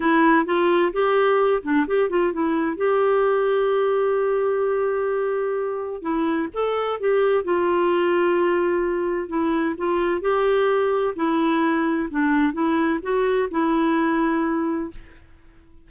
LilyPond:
\new Staff \with { instrumentName = "clarinet" } { \time 4/4 \tempo 4 = 129 e'4 f'4 g'4. d'8 | g'8 f'8 e'4 g'2~ | g'1~ | g'4 e'4 a'4 g'4 |
f'1 | e'4 f'4 g'2 | e'2 d'4 e'4 | fis'4 e'2. | }